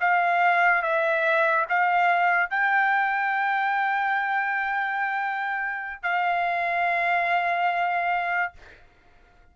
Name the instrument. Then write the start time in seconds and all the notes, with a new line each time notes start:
trumpet
0.00 F5
0.82 E5
1.69 F5
2.50 G5
6.02 F5